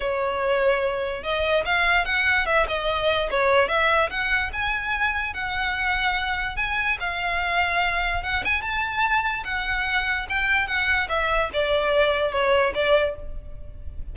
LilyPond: \new Staff \with { instrumentName = "violin" } { \time 4/4 \tempo 4 = 146 cis''2. dis''4 | f''4 fis''4 e''8 dis''4. | cis''4 e''4 fis''4 gis''4~ | gis''4 fis''2. |
gis''4 f''2. | fis''8 gis''8 a''2 fis''4~ | fis''4 g''4 fis''4 e''4 | d''2 cis''4 d''4 | }